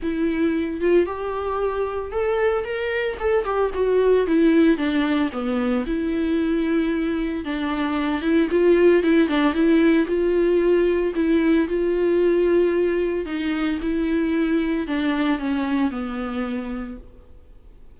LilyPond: \new Staff \with { instrumentName = "viola" } { \time 4/4 \tempo 4 = 113 e'4. f'8 g'2 | a'4 ais'4 a'8 g'8 fis'4 | e'4 d'4 b4 e'4~ | e'2 d'4. e'8 |
f'4 e'8 d'8 e'4 f'4~ | f'4 e'4 f'2~ | f'4 dis'4 e'2 | d'4 cis'4 b2 | }